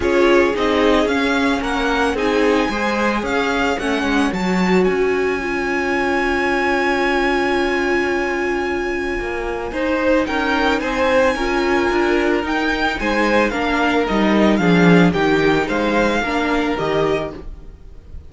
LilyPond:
<<
  \new Staff \with { instrumentName = "violin" } { \time 4/4 \tempo 4 = 111 cis''4 dis''4 f''4 fis''4 | gis''2 f''4 fis''4 | a''4 gis''2.~ | gis''1~ |
gis''2. g''4 | gis''2. g''4 | gis''4 f''4 dis''4 f''4 | g''4 f''2 dis''4 | }
  \new Staff \with { instrumentName = "violin" } { \time 4/4 gis'2. ais'4 | gis'4 c''4 cis''2~ | cis''1~ | cis''1~ |
cis''2 c''4 ais'4 | c''4 ais'2. | c''4 ais'2 gis'4 | g'4 c''4 ais'2 | }
  \new Staff \with { instrumentName = "viola" } { \time 4/4 f'4 dis'4 cis'2 | dis'4 gis'2 cis'4 | fis'2 f'2~ | f'1~ |
f'2 dis'2~ | dis'4 f'2 dis'4~ | dis'4 d'4 dis'4 d'4 | dis'2 d'4 g'4 | }
  \new Staff \with { instrumentName = "cello" } { \time 4/4 cis'4 c'4 cis'4 ais4 | c'4 gis4 cis'4 a8 gis8 | fis4 cis'2.~ | cis'1~ |
cis'4 ais4 dis'4 cis'4 | c'4 cis'4 d'4 dis'4 | gis4 ais4 g4 f4 | dis4 gis4 ais4 dis4 | }
>>